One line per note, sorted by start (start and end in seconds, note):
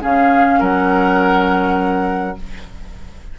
0.00 0.60 C#3
0.00 2.35 C#4
0.00 0.59 G#4
0.00 0.62 F5
0.59 2.37 F#3
0.59 2.36 A#4
0.59 2.38 F#5